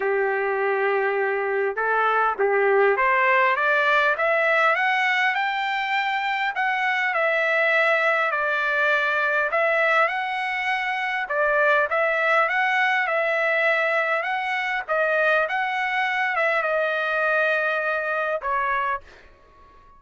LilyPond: \new Staff \with { instrumentName = "trumpet" } { \time 4/4 \tempo 4 = 101 g'2. a'4 | g'4 c''4 d''4 e''4 | fis''4 g''2 fis''4 | e''2 d''2 |
e''4 fis''2 d''4 | e''4 fis''4 e''2 | fis''4 dis''4 fis''4. e''8 | dis''2. cis''4 | }